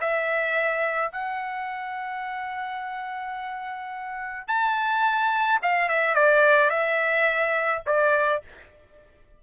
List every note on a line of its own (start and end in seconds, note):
0.00 1.12 E5
1.12 4.47 F#5
4.47 5.59 A5
5.62 5.88 F5
5.88 6.14 E5
6.14 6.70 D5
6.70 7.82 E5
7.86 8.42 D5